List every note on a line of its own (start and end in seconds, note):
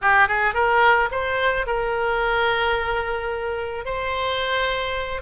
0.01 0.28 G4
0.28 0.54 G#4
0.54 1.09 A#4
1.11 1.66 C5
1.66 3.85 A#4
3.85 5.21 C5